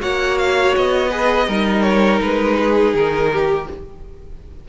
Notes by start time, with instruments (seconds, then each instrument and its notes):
0.00 cello A#3, viola F#4, violin C#5 F#5
0.38 violin F5
0.77 cello B3, violin D#5
1.10 viola G#4, violin B4
1.48 cello G3, viola D#4, violin A#4
1.82 violin C#5
2.21 cello G#3, violin B4
2.59 violin G#4
2.94 cello D#3, violin A#4
3.32 violin G4